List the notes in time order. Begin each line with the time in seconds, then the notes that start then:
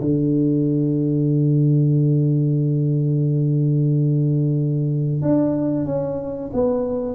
0.00 D3
5.22 D4
5.85 C#4
6.53 B3